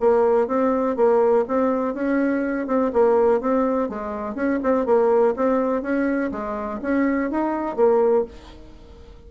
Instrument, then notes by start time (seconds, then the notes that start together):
bassoon
0.00 A#3
0.47 C4
0.96 A#3
1.48 C4
1.94 C#4
2.67 C4
2.93 A#3
3.41 C4
3.89 G#3
4.35 C#4
4.63 C4
4.86 A#3
5.36 C4
5.82 C#4
6.31 G#3
6.82 C#4
7.31 D#4
7.76 A#3